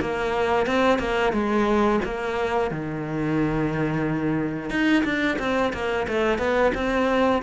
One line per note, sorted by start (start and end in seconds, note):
0.00 0.66 A#3
0.66 0.99 C4
0.99 1.32 A#3
1.32 2.00 G#3
2.04 2.71 A#3
2.71 4.70 D#3
4.70 5.03 D#4
5.03 5.37 D4
5.39 5.72 C4
5.73 6.07 A#3
6.08 6.38 A3
6.38 6.72 B3
6.74 7.42 C4